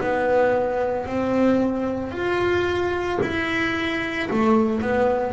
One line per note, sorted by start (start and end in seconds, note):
0.00 1.06 B3
1.06 2.11 C4
2.11 3.19 F4
3.21 4.29 E4
4.30 4.81 A3
4.81 5.33 B3